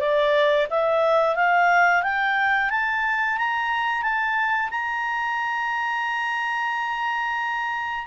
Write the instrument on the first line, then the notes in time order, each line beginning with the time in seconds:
clarinet
0.00 D5
0.70 E5
1.35 F5
2.03 G5
2.70 A5
3.37 A#5
4.02 A5
4.70 A#5